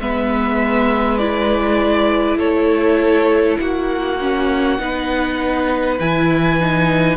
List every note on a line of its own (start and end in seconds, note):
0.00 2.38 G#3
0.00 1.20 B3
0.00 2.38 B4
0.00 1.18 E5
1.18 4.20 E4
1.18 2.38 D5
2.38 3.58 A3
2.38 3.58 A4
2.38 3.58 C#5
3.60 4.79 A#3
3.60 4.82 F#4
3.60 6.00 F#5
4.20 4.79 C#4
4.79 5.99 B3
4.79 5.99 D#4
4.79 7.17 B4
6.00 7.17 E3
6.00 6.60 E4
6.00 7.17 G#5
6.60 7.17 D#4